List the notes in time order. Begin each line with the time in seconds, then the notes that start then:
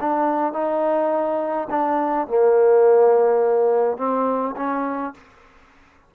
0.00 D4
0.52 D#4
1.70 D4
2.27 A#3
3.97 C4
4.56 C#4